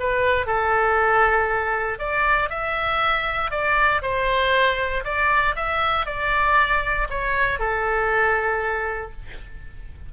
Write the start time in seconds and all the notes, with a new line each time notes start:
0.00 B4
0.47 A4
1.99 D5
2.50 E5
3.51 D5
4.02 C5
5.05 D5
5.56 E5
6.06 D5
7.10 C#5
7.60 A4